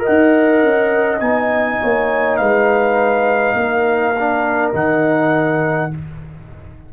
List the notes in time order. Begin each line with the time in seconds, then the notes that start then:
0.00 A#4 D#5
0.06 D#4 F#5
0.63 C#4
1.20 B3 D#4 G#5
1.81 A#3 C#5
2.37 G#3 B4 F5
3.54 A#3 A#4
4.20 D4
4.74 D#3 D#4 F#5